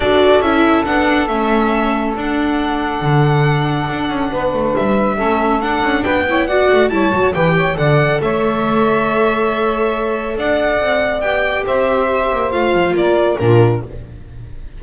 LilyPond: <<
  \new Staff \with { instrumentName = "violin" } { \time 4/4 \tempo 4 = 139 d''4 e''4 fis''4 e''4~ | e''4 fis''2.~ | fis''2. e''4~ | e''4 fis''4 g''4 fis''4 |
a''4 g''4 fis''4 e''4~ | e''1 | fis''2 g''4 e''4~ | e''4 f''4 d''4 ais'4 | }
  \new Staff \with { instrumentName = "saxophone" } { \time 4/4 a'1~ | a'1~ | a'2 b'2 | a'2 b'8 cis''8 d''4 |
cis''4 b'8 cis''8 d''4 cis''4~ | cis''1 | d''2. c''4~ | c''2 ais'4 f'4 | }
  \new Staff \with { instrumentName = "viola" } { \time 4/4 fis'4 e'4 d'4 cis'4~ | cis'4 d'2.~ | d'1 | cis'4 d'4. e'8 fis'4 |
e'8 fis'8 g'4 a'2~ | a'1~ | a'2 g'2~ | g'4 f'2 d'4 | }
  \new Staff \with { instrumentName = "double bass" } { \time 4/4 d'4 cis'4 b4 a4~ | a4 d'2 d4~ | d4 d'8 cis'8 b8 a8 g4 | a4 d'8 cis'8 b4. a8 |
g8 fis8 e4 d4 a4~ | a1 | d'4 c'4 b4 c'4~ | c'8 ais8 a8 f8 ais4 ais,4 | }
>>